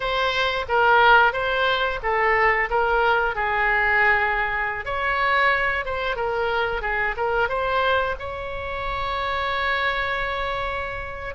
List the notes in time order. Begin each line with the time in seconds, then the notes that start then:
0.00 C5
0.68 A#4
1.32 C5
2.02 A4
2.70 A#4
3.35 G#4
4.85 C#5
5.85 C5
6.15 A#4
6.82 G#4
7.16 A#4
7.48 C5
8.19 C#5